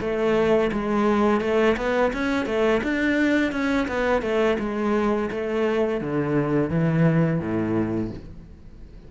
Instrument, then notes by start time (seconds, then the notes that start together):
cello
0.00 A3
0.72 G#3
1.40 A3
1.76 B3
2.13 C#4
2.46 A3
2.83 D4
3.51 C#4
3.88 B3
4.22 A3
4.59 G#3
5.30 A3
6.01 D3
6.70 E3
7.40 A2